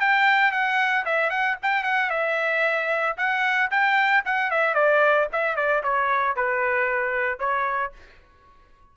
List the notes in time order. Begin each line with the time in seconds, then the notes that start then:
0.00 G5
0.52 F#5
1.05 E5
1.30 F#5
1.62 G5
1.84 F#5
2.10 E5
3.17 F#5
3.71 G5
4.25 F#5
4.51 E5
4.74 D5
5.32 E5
5.56 D5
5.83 C#5
6.36 B4
7.39 C#5